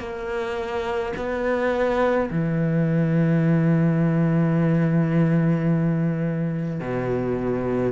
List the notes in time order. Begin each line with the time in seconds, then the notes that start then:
0.00 A#3
1.17 B3
2.31 E3
6.80 B2